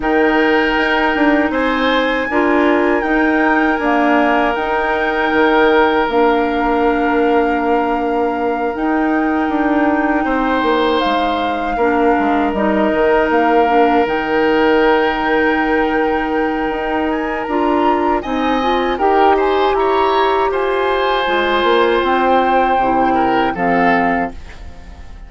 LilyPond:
<<
  \new Staff \with { instrumentName = "flute" } { \time 4/4 \tempo 4 = 79 g''2 gis''2 | g''4 gis''4 g''2 | f''2.~ f''8 g''8~ | g''2~ g''8 f''4.~ |
f''8 dis''4 f''4 g''4.~ | g''2~ g''8 gis''8 ais''4 | gis''4 g''8 gis''8 ais''4 gis''4~ | gis''4 g''2 f''4 | }
  \new Staff \with { instrumentName = "oboe" } { \time 4/4 ais'2 c''4 ais'4~ | ais'1~ | ais'1~ | ais'4. c''2 ais'8~ |
ais'1~ | ais'1 | dis''4 ais'8 c''8 cis''4 c''4~ | c''2~ c''8 ais'8 a'4 | }
  \new Staff \with { instrumentName = "clarinet" } { \time 4/4 dis'2. f'4 | dis'4 ais4 dis'2 | d'2.~ d'8 dis'8~ | dis'2.~ dis'8 d'8~ |
d'8 dis'4. d'8 dis'4.~ | dis'2. f'4 | dis'8 f'8 g'2. | f'2 e'4 c'4 | }
  \new Staff \with { instrumentName = "bassoon" } { \time 4/4 dis4 dis'8 d'8 c'4 d'4 | dis'4 d'4 dis'4 dis4 | ais2.~ ais8 dis'8~ | dis'8 d'4 c'8 ais8 gis4 ais8 |
gis8 g8 dis8 ais4 dis4.~ | dis2 dis'4 d'4 | c'4 dis'4 e'4 f'4 | gis8 ais8 c'4 c4 f4 | }
>>